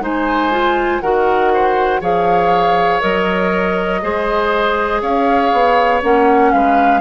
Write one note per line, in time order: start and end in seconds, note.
0.00 1.00 G#3
0.00 0.51 D#4
0.00 1.02 C5
0.00 1.01 G#5
0.51 1.01 F4
1.01 2.01 D#3
1.01 2.01 F#4
1.01 1.52 A#4
1.01 2.01 F#5
1.53 2.01 C5
2.01 3.01 F3
2.01 3.01 G#4
2.01 4.01 C#5
2.01 3.01 F5
3.01 4.02 F#3
3.01 4.01 A#4
3.01 5.01 D#5
4.02 5.02 G#3
4.02 6.02 G#4
4.02 5.01 C5
5.01 5.52 C#4
5.01 6.51 C#5
5.01 6.02 F5
5.52 6.02 B3
6.02 6.52 A#3
6.02 7.01 C#4
6.02 6.52 F#5
6.52 7.01 G#3
6.52 7.01 B4
6.52 7.01 F5